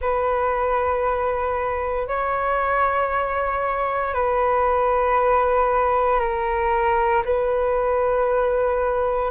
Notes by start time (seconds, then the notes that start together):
0.01 B4
2.07 C#5
4.14 B4
6.19 A#4
7.24 B4